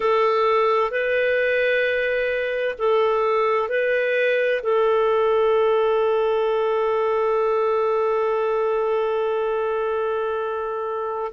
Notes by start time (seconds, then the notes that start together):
0.00 A4
0.90 B4
2.78 A4
3.68 B4
4.62 A4